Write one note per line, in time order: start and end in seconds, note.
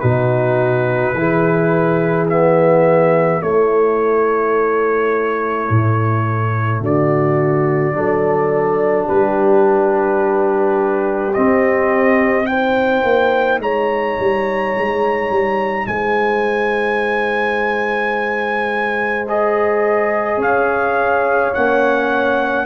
0.00 1.14 B2
0.00 1.15 D#4
0.00 1.14 F#4
0.00 2.26 B4
1.14 3.41 E3
1.14 2.30 E4
1.14 3.43 G#4
2.29 3.41 B3
2.29 3.42 E5
3.41 7.93 A3
3.41 5.69 A3
3.41 6.81 E4
3.41 6.82 C#5
5.70 6.81 A2
6.81 7.94 D3
6.81 7.95 F#4
6.81 9.08 D5
7.93 9.07 F#3
7.93 11.32 D4
7.93 9.06 A4
9.06 11.37 G3
9.06 12.46 G4
9.06 11.34 B4
11.34 12.44 C4
11.34 13.03 C4
11.34 12.46 D#5
12.44 19.23 D#4
12.44 13.62 C5
12.44 13.59 G5
13.03 13.59 A#3
13.59 14.16 G#3
13.59 15.87 C#5
13.59 15.87 A#5
14.20 14.76 G3
14.78 15.30 G#3
15.30 15.87 G3
15.87 20.37 G#3
15.87 20.38 C5
15.87 19.26 G#5
19.27 21.54 G#4
19.27 20.41 D#5
20.37 21.51 C#4
20.37 22.65 C#5
20.37 21.54 F5
21.54 22.66 A#3
21.54 22.66 C#4
21.54 22.66 F#5